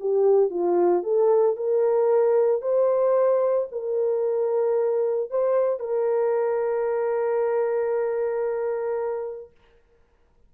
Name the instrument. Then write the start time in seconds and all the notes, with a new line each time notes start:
horn
0.00 G4
0.50 F4
1.03 A4
1.56 A#4
2.62 C5
3.71 A#4
5.30 C5
5.79 A#4